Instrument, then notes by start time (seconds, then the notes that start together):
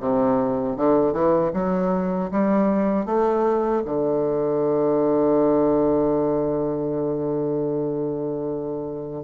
bassoon
0.00 C3
0.77 D3
1.13 E3
1.54 F#3
2.31 G3
3.06 A3
3.86 D3